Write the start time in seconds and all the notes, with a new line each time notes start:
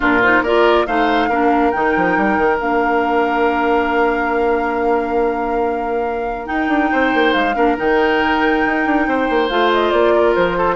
0.00 A#2 D4 F4 A#4
0.22 D#4 C5
0.41 A#3 F4 A#4 D5
0.86 A3 D#4 C5 F5
1.29 A#3 D4 A#4
1.71 D#3 D#4 G5
1.96 F3
2.17 G3
2.37 D#3
2.58 A#3 D4 F5
6.46 D#4 G5
6.68 D4
6.91 C4 C5
7.13 A#3
7.32 G#3 F5
7.55 A#3 D4 A#4
7.77 D#3 D#4 G5
8.65 D#4
8.85 D4
9.06 C4 C5
9.29 A#3
9.49 A3 F4 F5
9.72 D#5
9.90 A#3 D5
10.14 A#4
10.35 F3 C5
10.57 A4